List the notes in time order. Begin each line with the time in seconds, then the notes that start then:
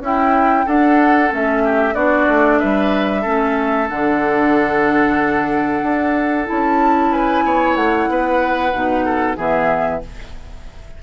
0.00 C#4 E4 G5
0.66 D4 A4 F#5
1.29 A3 C#4 E5
1.64 G4
1.94 B3 D4 F#4 D5
2.29 A3
2.59 G3 B4 E5
3.22 A3 C#4 A4
3.89 D3 D4 F#5
5.83 D4
6.46 C#4 E4 A5
7.12 B4 G#5
7.44 B3 C#5
7.76 A3 F#5
8.09 B3 B4
8.73 B2 D#4
9.05 A4
9.37 E3 B3 G#4 E5